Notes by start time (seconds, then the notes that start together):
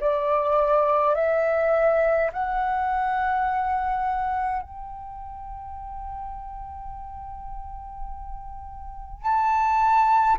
0.00 D5
1.15 E5
2.33 F#5
4.62 G5
9.22 A5